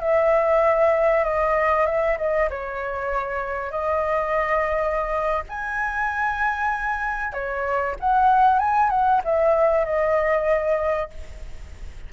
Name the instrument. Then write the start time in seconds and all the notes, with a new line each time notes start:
flute
0.00 E5
1.24 D#5
1.86 E5
2.18 D#5
2.49 C#5
3.71 D#5
5.49 G#5
7.33 C#5
7.99 F#5
8.59 G#5
8.90 F#5
9.24 E5
9.85 D#5